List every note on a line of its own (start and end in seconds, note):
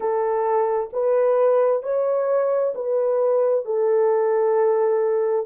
0.00 0.90 A4
0.92 1.82 B4
1.82 2.73 C#5
2.74 3.65 B4
3.65 5.46 A4